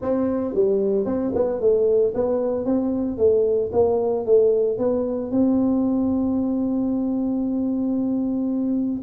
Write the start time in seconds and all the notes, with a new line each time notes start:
0.01 C4
0.54 G3
1.05 C4
1.34 B3
1.60 A3
2.14 B3
2.65 C4
3.17 A3
3.72 A#3
4.25 A3
4.78 B3
5.31 C4